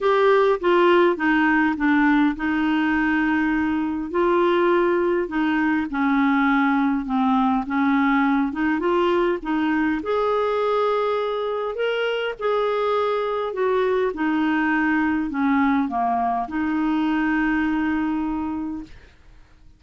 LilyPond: \new Staff \with { instrumentName = "clarinet" } { \time 4/4 \tempo 4 = 102 g'4 f'4 dis'4 d'4 | dis'2. f'4~ | f'4 dis'4 cis'2 | c'4 cis'4. dis'8 f'4 |
dis'4 gis'2. | ais'4 gis'2 fis'4 | dis'2 cis'4 ais4 | dis'1 | }